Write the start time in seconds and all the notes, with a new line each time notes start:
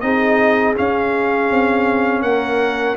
0.00 C4 D#4 G#4 D#5
0.75 C#4 F5
1.51 C4
2.22 A#3 A#4 F#5